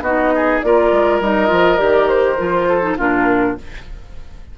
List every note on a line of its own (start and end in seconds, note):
0.00 0.59 B3
0.00 0.64 D#4
0.00 0.32 F#4
0.00 0.60 D#5
0.35 0.65 G#4
0.61 0.91 A#3
0.61 1.22 F4
0.61 2.68 A#4
0.61 1.20 D5
0.91 1.20 G#3
1.20 1.49 G3
1.20 1.47 D#4
1.20 1.78 D#5
1.47 1.79 F3
1.47 1.76 F4
1.77 2.38 D#3
1.77 2.36 G4
1.77 2.08 D5
2.08 2.96 C5
2.37 2.98 F3
2.37 2.81 F4
2.68 2.97 A4
2.81 2.96 D#4
2.97 3.56 A#2
2.97 3.57 D4
2.97 3.56 F4
2.97 3.58 A#4